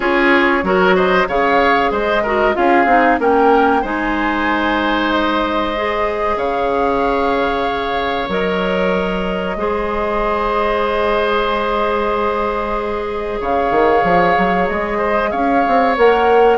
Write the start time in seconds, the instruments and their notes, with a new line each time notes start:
0.00 bassoon C#4, clarinet F4, oboe G#4, flute C#5
0.63 bassoon F#3, clarinet F#4, oboe A#4
0.95 oboe C5, flute D#5
1.28 bassoon C#3, clarinet G#4, oboe C#5, flute F5
1.91 bassoon G#3, oboe C5, flute D#5
2.22 clarinet F#4, oboe A#4
2.53 bassoon C#4, clarinet F4, oboe G#4, flute F5
2.85 bassoon C4, clarinet D#4
3.18 bassoon A#3, clarinet C#4, oboe A#4, flute G5
3.81 bassoon G#3, clarinet D#4, oboe C5, flute G#5
5.11 flute D#5
5.76 clarinet G#4
6.36 bassoon C#3, oboe C#5, flute F5
8.28 bassoon F#3, clarinet A#4, flute D#5
9.56 bassoon G#3, clarinet G#4, oboe C5
13.40 bassoon C#3, oboe C#5, flute F5
13.70 bassoon D#3
14.03 bassoon F3
14.38 bassoon F#3
14.68 bassoon G#3, flute D#5
14.97 oboe C5
15.31 bassoon C#4, oboe C#5, flute F5
15.67 bassoon C4
15.96 bassoon A#3, clarinet A#4, flute F#5